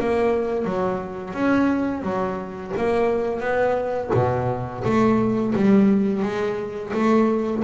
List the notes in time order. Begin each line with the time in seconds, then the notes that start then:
0.00 A#3
0.65 F#3
1.34 C#4
2.02 F#3
2.77 A#3
3.41 B3
4.14 B2
4.85 A3
5.56 G3
6.23 G#3
6.94 A3